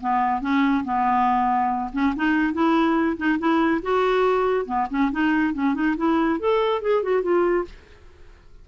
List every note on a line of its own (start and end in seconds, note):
0.00 0.41 B3
0.41 0.84 C#4
0.84 1.91 B3
1.92 2.14 C#4
2.16 2.53 D#4
2.53 3.17 E4
3.17 3.38 D#4
3.38 3.81 E4
3.82 4.65 F#4
4.65 4.87 B3
4.90 5.11 C#4
5.11 5.53 D#4
5.53 5.74 C#4
5.74 5.95 D#4
5.97 6.39 E4
6.39 6.81 A4
6.81 7.03 G#4
7.03 7.22 F#4
7.22 7.65 F4